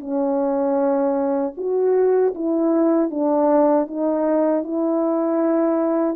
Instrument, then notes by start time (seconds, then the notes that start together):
horn
0.00 C#4
1.58 F#4
2.35 E4
3.10 D4
3.87 D#4
4.64 E4